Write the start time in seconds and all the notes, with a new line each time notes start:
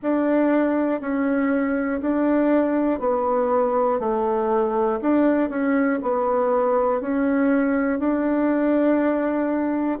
0.02 D4
1.00 C#4
2.01 D4
2.99 B3
3.99 A3
5.01 D4
5.49 C#4
6.02 B3
7.00 C#4
7.99 D4